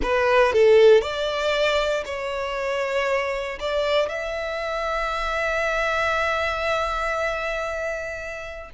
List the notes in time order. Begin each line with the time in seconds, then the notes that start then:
0.02 B4
0.52 A4
1.01 D5
2.05 C#5
3.59 D5
4.08 E5